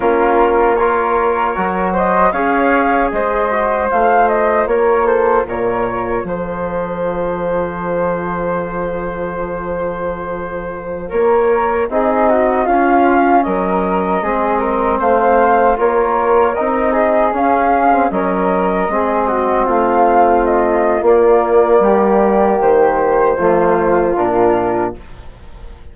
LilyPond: <<
  \new Staff \with { instrumentName = "flute" } { \time 4/4 \tempo 4 = 77 ais'4 cis''4. dis''8 f''4 | dis''4 f''8 dis''8 cis''8 c''8 cis''4 | c''1~ | c''2~ c''16 cis''4 dis''8.~ |
dis''16 f''4 dis''2 f''8.~ | f''16 cis''4 dis''4 f''4 dis''8.~ | dis''4~ dis''16 f''4 dis''8. d''4~ | d''4 c''2 ais'4 | }
  \new Staff \with { instrumentName = "flute" } { \time 4/4 f'4 ais'4. c''8 cis''4 | c''2 ais'8 a'8 ais'4 | a'1~ | a'2~ a'16 ais'4 gis'8 fis'16~ |
fis'16 f'4 ais'4 gis'8 ais'8 c''8.~ | c''16 ais'4. gis'4. ais'8.~ | ais'16 gis'8 fis'8 f'2~ f'8. | g'2 f'2 | }
  \new Staff \with { instrumentName = "trombone" } { \time 4/4 cis'4 f'4 fis'4 gis'4~ | gis'8 fis'8 f'2.~ | f'1~ | f'2.~ f'16 dis'8.~ |
dis'16 cis'2 c'4.~ c'16~ | c'16 f'4 dis'4 cis'8. c'16 cis'8.~ | cis'16 c'2~ c'8. ais4~ | ais2 a4 d'4 | }
  \new Staff \with { instrumentName = "bassoon" } { \time 4/4 ais2 fis4 cis'4 | gis4 a4 ais4 ais,4 | f1~ | f2~ f16 ais4 c'8.~ |
c'16 cis'4 fis4 gis4 a8.~ | a16 ais4 c'4 cis'4 fis8.~ | fis16 gis4 a4.~ a16 ais4 | g4 dis4 f4 ais,4 | }
>>